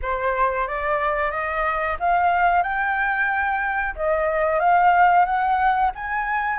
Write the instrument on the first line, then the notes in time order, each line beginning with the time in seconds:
flute
0.02 C5
0.67 D5
1.31 D#5
1.99 F5
2.62 G5
3.95 D#5
4.59 F5
5.25 F#5
5.95 G#5